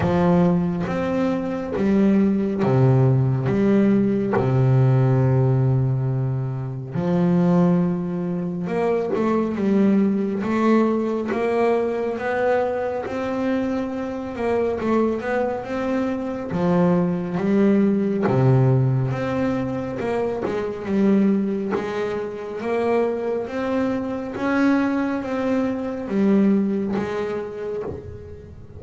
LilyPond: \new Staff \with { instrumentName = "double bass" } { \time 4/4 \tempo 4 = 69 f4 c'4 g4 c4 | g4 c2. | f2 ais8 a8 g4 | a4 ais4 b4 c'4~ |
c'8 ais8 a8 b8 c'4 f4 | g4 c4 c'4 ais8 gis8 | g4 gis4 ais4 c'4 | cis'4 c'4 g4 gis4 | }